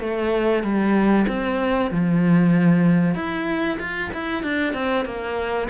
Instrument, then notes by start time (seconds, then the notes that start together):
cello
0.00 A3
0.63 G3
1.28 C4
1.91 F3
3.15 E4
3.79 F4
4.14 E4
4.44 D4
4.74 C4
5.05 A#3